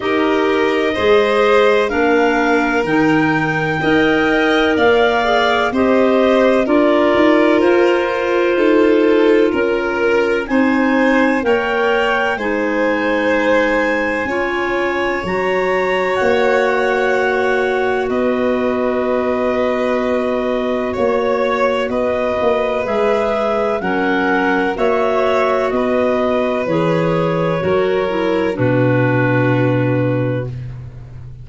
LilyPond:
<<
  \new Staff \with { instrumentName = "clarinet" } { \time 4/4 \tempo 4 = 63 dis''2 f''4 g''4~ | g''4 f''4 dis''4 d''4 | c''2 ais'4 gis''4 | g''4 gis''2. |
ais''4 fis''2 dis''4~ | dis''2 cis''4 dis''4 | e''4 fis''4 e''4 dis''4 | cis''2 b'2 | }
  \new Staff \with { instrumentName = "violin" } { \time 4/4 ais'4 c''4 ais'2 | dis''4 d''4 c''4 ais'4~ | ais'4 a'4 ais'4 c''4 | cis''4 c''2 cis''4~ |
cis''2. b'4~ | b'2 cis''4 b'4~ | b'4 ais'4 cis''4 b'4~ | b'4 ais'4 fis'2 | }
  \new Staff \with { instrumentName = "clarinet" } { \time 4/4 g'4 gis'4 d'4 dis'4 | ais'4. gis'8 g'4 f'4~ | f'2. dis'4 | ais'4 dis'2 f'4 |
fis'1~ | fis'1 | gis'4 cis'4 fis'2 | gis'4 fis'8 e'8 d'2 | }
  \new Staff \with { instrumentName = "tuba" } { \time 4/4 dis'4 gis4 ais4 dis4 | dis'4 ais4 c'4 d'8 dis'8 | f'4 dis'4 cis'4 c'4 | ais4 gis2 cis'4 |
fis4 ais2 b4~ | b2 ais4 b8 ais8 | gis4 fis4 ais4 b4 | e4 fis4 b,2 | }
>>